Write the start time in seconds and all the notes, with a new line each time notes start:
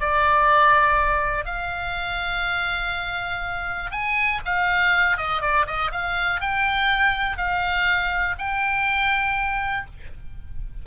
0.00 D5
1.45 F5
3.91 G#5
4.45 F5
5.17 D#5
5.41 D5
5.66 D#5
5.91 F5
6.40 G5
7.37 F5
8.38 G5